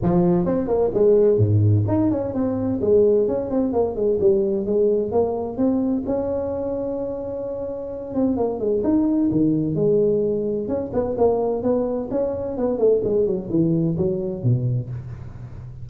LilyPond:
\new Staff \with { instrumentName = "tuba" } { \time 4/4 \tempo 4 = 129 f4 c'8 ais8 gis4 gis,4 | dis'8 cis'8 c'4 gis4 cis'8 c'8 | ais8 gis8 g4 gis4 ais4 | c'4 cis'2.~ |
cis'4. c'8 ais8 gis8 dis'4 | dis4 gis2 cis'8 b8 | ais4 b4 cis'4 b8 a8 | gis8 fis8 e4 fis4 b,4 | }